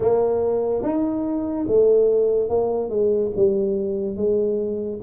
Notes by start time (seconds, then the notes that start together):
0.00 A#3
0.83 D#4
1.67 A3
2.49 A#3
2.89 G#3
3.35 G3
4.16 G#3